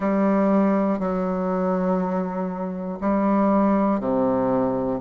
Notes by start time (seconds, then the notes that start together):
0.00 G3
0.99 F#3
3.00 G3
4.00 C3